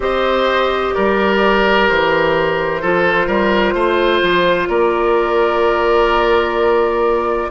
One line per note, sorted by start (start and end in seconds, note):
0.00 0.91 C4
0.00 2.81 G4
0.00 0.94 C5
0.00 0.94 D#5
0.94 1.90 G3
0.94 2.81 A#4
0.94 1.88 D5
1.88 2.83 E3
1.88 4.69 C5
2.81 3.27 F3
2.81 7.50 F4
2.81 3.26 A4
3.26 3.74 G3
3.26 3.73 A#4
3.74 4.21 A3
3.74 4.68 C5
4.21 4.68 F3
4.68 7.49 A#3
4.68 7.50 A#4
4.68 7.50 D5